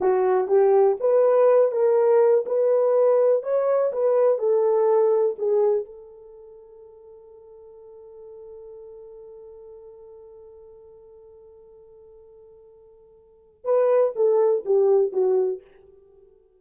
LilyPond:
\new Staff \with { instrumentName = "horn" } { \time 4/4 \tempo 4 = 123 fis'4 g'4 b'4. ais'8~ | ais'4 b'2 cis''4 | b'4 a'2 gis'4 | a'1~ |
a'1~ | a'1~ | a'1 | b'4 a'4 g'4 fis'4 | }